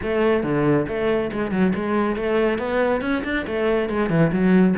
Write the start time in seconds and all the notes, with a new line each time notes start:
0.02 A3
0.43 D3
0.88 A3
1.31 G#3
1.51 F#3
1.75 G#3
2.15 A3
2.58 B3
3.01 C#4
3.24 D4
3.46 A3
3.89 G#3
4.09 E3
4.32 F#3